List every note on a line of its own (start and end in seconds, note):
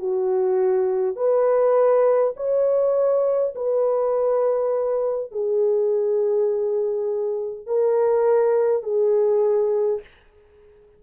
0.00 1.17 F#4
1.17 2.34 B4
2.37 3.55 C#5
3.56 5.32 B4
5.32 7.67 G#4
7.67 8.83 A#4
8.83 10.01 G#4